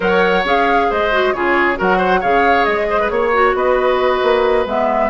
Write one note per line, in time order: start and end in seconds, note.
0.00 0.44 F#3
0.00 0.42 A#4
0.00 0.87 C#5
0.00 0.45 F#5
0.44 0.89 C#4
0.44 1.11 G#4
0.44 0.91 F5
0.90 1.33 G#3
0.90 1.34 C5
0.90 1.33 D#5
1.11 1.33 F#4
1.33 1.77 C#3
1.33 1.75 F4
1.33 1.78 G#4
1.33 1.77 C#5
1.75 2.23 F#3
1.75 2.20 F#4
1.75 1.97 A#4
1.75 2.22 F#5
1.97 2.19 C5
2.20 2.66 C#3
2.20 3.33 G#4
2.20 2.86 C#5
2.20 2.64 F5
2.64 3.10 G#3
2.64 3.09 D#5
2.89 3.00 C5
3.00 3.11 B4
3.09 3.54 A#3
3.09 3.54 C#5
3.09 3.56 C#5
3.33 4.66 F#4
3.54 4.20 B3
3.54 5.09 B4
3.54 4.67 D#5
4.22 4.65 A#3
4.65 5.09 G#3
4.65 5.09 B3
4.65 5.09 E5